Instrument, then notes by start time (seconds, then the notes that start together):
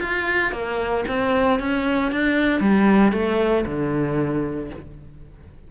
cello
0.00 F4
0.52 A#3
1.08 C4
1.59 C#4
2.12 D4
2.60 G3
3.12 A3
3.65 D3